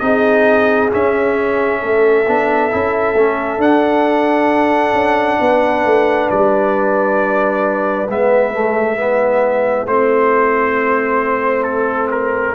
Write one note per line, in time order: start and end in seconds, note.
0.00 0.91 C4
0.00 0.91 D#4
0.00 1.81 G#4
0.00 0.90 D#5
0.91 2.26 C#4
0.91 1.84 C#4
0.91 3.62 E5
1.81 2.27 A3
1.81 5.39 A4
2.27 2.72 B3
2.27 2.71 D4
2.71 3.14 C#4
2.71 3.16 E4
3.14 3.58 A3
3.14 3.60 C#4
3.58 4.93 D4
3.58 8.08 D4
3.58 6.30 F#5
4.93 5.38 C#4
5.40 5.86 B3
5.40 8.98 B4
5.86 6.30 A3
6.31 8.08 G3
6.31 8.10 D5
8.08 9.87 G#3
8.08 8.54 B3
8.08 9.87 E5
8.54 8.98 A3
8.98 9.87 B3
8.98 12.55 E4
9.87 12.55 A3
9.87 12.55 C4
9.87 11.64 C5
11.64 12.08 A4
12.11 12.55 A#4